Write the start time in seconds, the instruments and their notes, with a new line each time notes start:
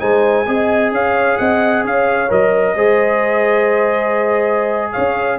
0.00 tuba G#3, trombone D#4, horn C5, trumpet G#5
0.47 tuba C4, trombone G#4, horn D#5
0.92 tuba C#4, horn C#5, trumpet F5
1.38 tuba C4, horn D#5, trumpet F#5
1.85 tuba C#4, horn C#5, trumpet F5
2.30 tuba F#3, trombone A#4, trumpet D#5
2.76 tuba G#3, trombone G#4, horn C5
4.93 tuba C#4, horn C#5, trumpet F5